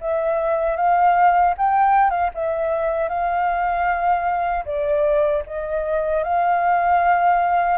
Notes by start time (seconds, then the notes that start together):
0.00 E5
0.76 F5
1.57 G5
2.10 F5
2.34 E5
3.09 F5
4.65 D5
5.47 D#5
6.23 F5